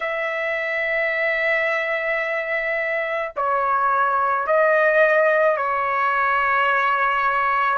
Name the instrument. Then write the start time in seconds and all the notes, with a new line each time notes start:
trumpet
0.00 E5
3.36 C#5
4.46 D#5
5.56 C#5